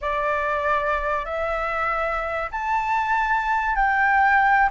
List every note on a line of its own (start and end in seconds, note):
0.01 1.25 D5
1.25 2.50 E5
2.51 3.75 A5
3.75 4.69 G5